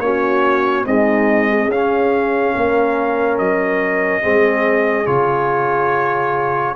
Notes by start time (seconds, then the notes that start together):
0.00 A#3 C#4 F#4 C#5
0.86 G#3 C4 D#4 D#5
1.49 G#4
1.69 C#4 F5
2.55 A#3 A#4
3.39 F#3 D#5
4.22 G#3 C4 G#4
5.07 C#3 F4 C#5